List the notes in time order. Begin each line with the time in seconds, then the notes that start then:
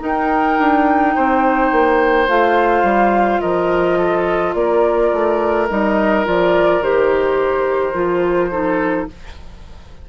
0.00 D#4 A#4 G5
0.59 D4
1.15 C4 C5
1.72 A#3
2.29 A3 F4 F5
2.83 G3
3.41 F3 A#4 D#5
3.99 A4
4.55 A#3 A#4 D5
5.13 A3
5.69 G3 D#4 D#5
6.25 F3 F4 D5
6.82 D#3 G4 C5
7.94 F3 F4
8.51 D#4 A4